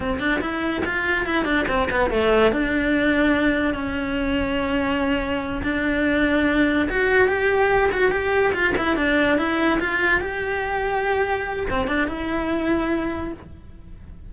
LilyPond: \new Staff \with { instrumentName = "cello" } { \time 4/4 \tempo 4 = 144 c'8 d'8 e'4 f'4 e'8 d'8 | c'8 b8 a4 d'2~ | d'4 cis'2.~ | cis'4. d'2~ d'8~ |
d'8 fis'4 g'4. fis'8 g'8~ | g'8 f'8 e'8 d'4 e'4 f'8~ | f'8 g'2.~ g'8 | c'8 d'8 e'2. | }